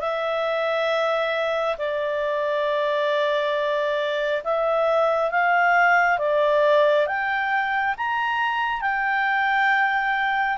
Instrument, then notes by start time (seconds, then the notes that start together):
clarinet
0.00 E5
1.78 D5
4.44 E5
5.31 F5
6.18 D5
7.07 G5
7.97 A#5
8.81 G5